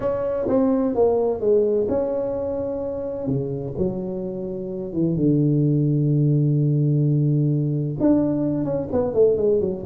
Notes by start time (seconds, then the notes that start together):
0.00 C#4
0.48 C4
0.94 A#3
1.40 G#3
1.89 C#4
3.27 C#3
3.77 F#3
4.92 E3
5.16 D3
8.00 D4
8.64 C#4
8.92 B3
9.14 A3
9.37 G#3
9.60 F#3